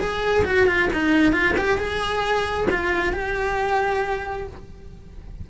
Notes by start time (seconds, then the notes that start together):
0.00 G#4
0.45 F#4
0.67 F4
0.94 D#4
1.33 F4
1.58 G4
1.78 G#4
2.71 F4
3.13 G4